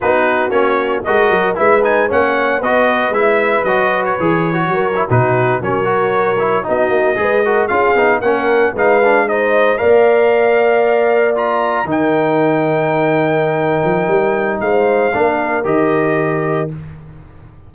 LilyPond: <<
  \new Staff \with { instrumentName = "trumpet" } { \time 4/4 \tempo 4 = 115 b'4 cis''4 dis''4 e''8 gis''8 | fis''4 dis''4 e''4 dis''8. cis''16~ | cis''4.~ cis''16 b'4 cis''4~ cis''16~ | cis''8. dis''2 f''4 fis''16~ |
fis''8. f''4 dis''4 f''4~ f''16~ | f''4.~ f''16 ais''4 g''4~ g''16~ | g''1 | f''2 dis''2 | }
  \new Staff \with { instrumentName = "horn" } { \time 4/4 fis'2 ais'4 b'4 | cis''4 b'2.~ | b'4 ais'8. fis'4 ais'4~ ais'16~ | ais'8. fis'4 b'8 ais'8 gis'4 ais'16~ |
ais'8. b'4 c''4 d''4~ d''16~ | d''2~ d''8. ais'4~ ais'16~ | ais'1 | c''4 ais'2. | }
  \new Staff \with { instrumentName = "trombone" } { \time 4/4 dis'4 cis'4 fis'4 e'8 dis'8 | cis'4 fis'4 e'4 fis'4 | gis'8. fis'8. e'16 dis'4 cis'8 fis'8.~ | fis'16 e'8 dis'4 gis'8 fis'8 f'8 dis'8 cis'16~ |
cis'8. dis'8 d'8 dis'4 ais'4~ ais'16~ | ais'4.~ ais'16 f'4 dis'4~ dis'16~ | dis'1~ | dis'4 d'4 g'2 | }
  \new Staff \with { instrumentName = "tuba" } { \time 4/4 b4 ais4 gis8 fis8 gis4 | ais4 b4 gis4 fis4 | e4 fis8. b,4 fis4~ fis16~ | fis8. b8 ais8 gis4 cis'8 b8 ais16~ |
ais8. gis2 ais4~ ais16~ | ais2~ ais8. dis4~ dis16~ | dis2~ dis8 f8 g4 | gis4 ais4 dis2 | }
>>